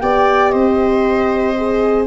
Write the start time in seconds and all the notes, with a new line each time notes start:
0.00 B3 G4 D5 G5
0.49 C4 C5 D#5
1.57 G#4